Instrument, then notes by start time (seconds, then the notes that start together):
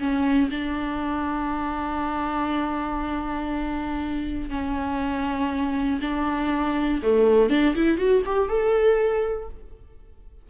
viola
0.00 C#4
0.51 D4
4.50 C#4
6.01 D4
7.03 A3
7.50 D4
7.76 E4
7.98 F#4
8.26 G4
8.49 A4